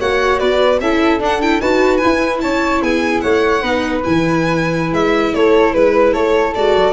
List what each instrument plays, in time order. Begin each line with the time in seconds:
0.00 tuba A#3, viola F#4, flute C#5, violin F#5
0.40 tuba B3, flute B4, violin D5
0.81 tuba C#4, viola E4, flute A4, violin E5
1.20 tuba D4, viola D4, violin F#5
1.42 viola E4, violin G5
1.61 tuba D#4, viola F#4, flute B4, violin A5
1.97 viola E4, violin G#5
2.05 tuba E4
2.42 tuba C#4, flute C#5, violin A5
2.82 tuba B3, flute G#4, violin G#5
3.21 tuba A3, flute C#5, violin F#5
3.62 tuba B3, viola D#4, flute B4
4.04 tuba E3, viola E4, violin G#5
4.93 tuba G#3, violin E5
5.34 tuba A3, flute A4, violin C#5
5.73 tuba G#3, flute B4, violin B4
6.13 tuba A3, flute A4, violin C#5
6.55 tuba G#3, viola F#4, violin D5
6.75 tuba F#3